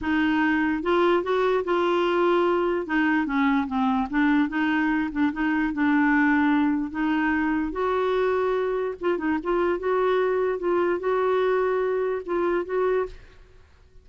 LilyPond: \new Staff \with { instrumentName = "clarinet" } { \time 4/4 \tempo 4 = 147 dis'2 f'4 fis'4 | f'2. dis'4 | cis'4 c'4 d'4 dis'4~ | dis'8 d'8 dis'4 d'2~ |
d'4 dis'2 fis'4~ | fis'2 f'8 dis'8 f'4 | fis'2 f'4 fis'4~ | fis'2 f'4 fis'4 | }